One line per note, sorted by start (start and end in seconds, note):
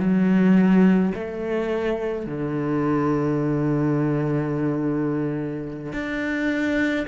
0.00 1.13 F#3
1.15 2.26 A3
2.26 5.93 D3
5.93 7.07 D4